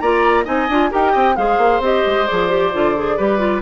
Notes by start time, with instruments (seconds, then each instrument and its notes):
0.00 bassoon A#3, clarinet F4, oboe D5, flute A#5
0.45 bassoon C4, clarinet D#4, oboe D#5, flute G#5
0.69 bassoon D4, clarinet F4
0.91 bassoon D#4, clarinet G4, oboe A#4, flute G5
1.12 bassoon C4, oboe D#5
1.37 bassoon G#3, clarinet G#4, oboe C5, flute F5
1.58 bassoon A#3
1.80 bassoon C4, clarinet G4, flute D#5
2.07 bassoon G#3
2.27 bassoon F3, clarinet G#4, flute D5
2.49 clarinet G4
2.73 bassoon D3, clarinet F4
2.97 clarinet G#4
3.17 bassoon G3, clarinet G4, oboe B4
3.39 clarinet F4